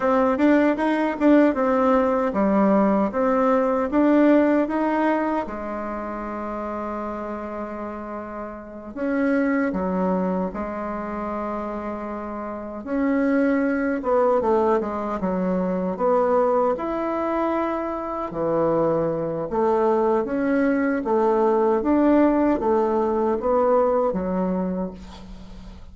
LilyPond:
\new Staff \with { instrumentName = "bassoon" } { \time 4/4 \tempo 4 = 77 c'8 d'8 dis'8 d'8 c'4 g4 | c'4 d'4 dis'4 gis4~ | gis2.~ gis8 cis'8~ | cis'8 fis4 gis2~ gis8~ |
gis8 cis'4. b8 a8 gis8 fis8~ | fis8 b4 e'2 e8~ | e4 a4 cis'4 a4 | d'4 a4 b4 fis4 | }